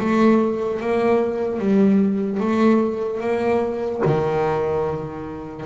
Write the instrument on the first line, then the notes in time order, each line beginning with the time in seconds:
double bass
0.00 A3
0.81 A#3
1.60 G3
2.41 A3
3.21 A#3
4.06 D#3